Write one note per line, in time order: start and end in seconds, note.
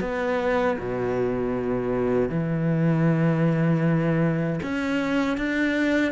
0.00 0.77 B3
0.79 2.29 B2
2.29 4.59 E3
4.63 5.37 C#4
5.37 6.12 D4